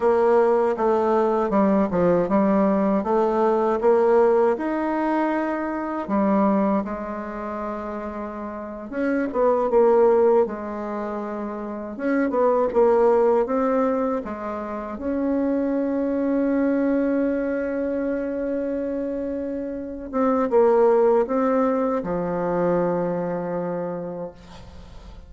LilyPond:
\new Staff \with { instrumentName = "bassoon" } { \time 4/4 \tempo 4 = 79 ais4 a4 g8 f8 g4 | a4 ais4 dis'2 | g4 gis2~ gis8. cis'16~ | cis'16 b8 ais4 gis2 cis'16~ |
cis'16 b8 ais4 c'4 gis4 cis'16~ | cis'1~ | cis'2~ cis'8 c'8 ais4 | c'4 f2. | }